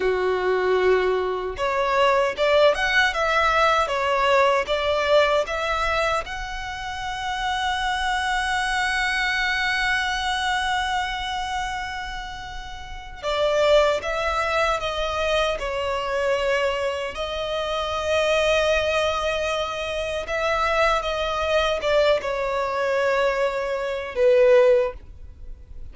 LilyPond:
\new Staff \with { instrumentName = "violin" } { \time 4/4 \tempo 4 = 77 fis'2 cis''4 d''8 fis''8 | e''4 cis''4 d''4 e''4 | fis''1~ | fis''1~ |
fis''4 d''4 e''4 dis''4 | cis''2 dis''2~ | dis''2 e''4 dis''4 | d''8 cis''2~ cis''8 b'4 | }